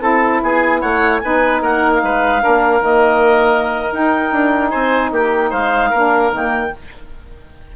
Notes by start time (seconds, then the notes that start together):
0.00 C4 E4 A4 A5
0.42 B3 G#4 G#5
0.81 A3 C#5 F#5
1.18 B3 D#4 B4 G#5
1.61 A#3 A#4 F#5
1.93 F5
2.02 G#3 B4
2.41 D4 A#4
2.47 A#3
2.79 D#3 A#3 D#5
3.92 D#4 G5
4.32 D4
4.70 C4 C5 G#5
5.11 A#3 G4 G5
5.50 G#3 C5 F5
5.90 A#3 D4 A#4
6.31 D#3 A#3 G5